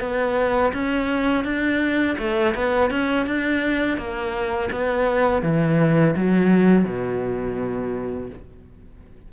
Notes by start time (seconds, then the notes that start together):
0.00 B3
0.73 C#4
1.44 D4
2.18 A3
2.54 B3
2.90 C#4
3.26 D4
3.97 A#3
4.71 B3
5.42 E3
6.16 F#3
6.85 B2